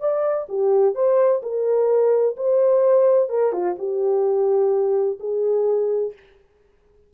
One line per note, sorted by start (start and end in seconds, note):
0.00 0.47 D5
0.48 0.95 G4
0.95 1.41 C5
1.42 2.36 A#4
2.36 3.29 C5
3.29 3.52 A#4
3.52 3.76 F4
3.78 5.19 G4
5.19 6.13 G#4